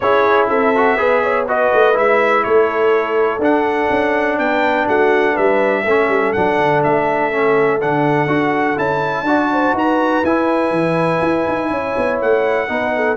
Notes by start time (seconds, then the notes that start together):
0.00 C#4 E4 G#4 C#5
0.48 C4 A4 E5
0.75 F#4
0.96 B3 G#4 B4
1.22 C#5
1.47 F#4 B4 D#5
1.73 A3
1.94 G#3 E4 E5
2.43 A3 A4 C#5
3.38 D4 F#5
3.90 C#4
4.38 B3 B4 G5
4.86 A3 F#4 F#5
5.32 G3 B4 E5
5.83 A3 C#4 A4
6.08 G3
6.32 F#3 D4 F#5
6.58 D3
6.83 A3 E5
7.31 C#4
7.81 D3 D4 F#5
8.26 D4 F#4
8.76 C#4 E4 A5
9.22 D4 F#4 D5
9.52 C5
9.73 D#4 B4 A#5
10.23 E4 G#5
10.70 E3
11.21 E4
11.48 D#4
11.70 C#4 C#5
11.97 B3
12.21 A3 F#5
12.68 B3 D#4 B4
12.95 A4